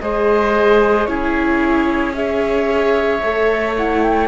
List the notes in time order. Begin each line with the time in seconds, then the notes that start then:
0.00 G#3 G#4 C5 D#5
1.05 C#4 E4 G#4 C#5
2.14 G#4 C#5 E5
3.22 A3 A4
3.76 E4 F#5
4.03 G5